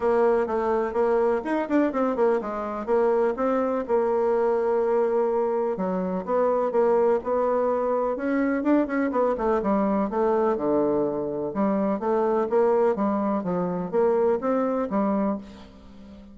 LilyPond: \new Staff \with { instrumentName = "bassoon" } { \time 4/4 \tempo 4 = 125 ais4 a4 ais4 dis'8 d'8 | c'8 ais8 gis4 ais4 c'4 | ais1 | fis4 b4 ais4 b4~ |
b4 cis'4 d'8 cis'8 b8 a8 | g4 a4 d2 | g4 a4 ais4 g4 | f4 ais4 c'4 g4 | }